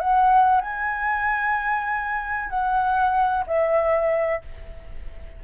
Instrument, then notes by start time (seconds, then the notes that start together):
flute
0.00 F#5
0.61 G#5
2.50 F#5
3.47 E5